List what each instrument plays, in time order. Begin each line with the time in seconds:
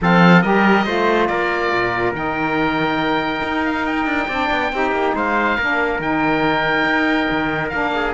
0.01 cello F3, saxophone C4, trumpet A4, oboe F5
0.41 cello G3, saxophone G4, trumpet A#4, oboe D#5
0.85 cello A3, saxophone F4, trumpet C5
1.27 cello A#3, trumpet A#4, oboe D5
1.72 cello A#2
2.12 cello D#3, saxophone D#4, oboe G5
3.42 cello D#4
3.65 oboe F5
3.86 oboe G5
4.05 cello D4
4.27 cello C4, saxophone D4, trumpet D5
4.50 cello B3
4.72 cello C4, saxophone D#4, trumpet G4
4.91 cello A#3
5.14 cello G#3, trumpet C5, oboe F5
5.57 cello A#3, saxophone D4, trumpet A#4
5.99 cello D#3, saxophone D#4, oboe G5
6.84 cello D#4
7.30 cello D#3
7.69 cello A#3, saxophone D4, oboe F5
7.95 trumpet G#4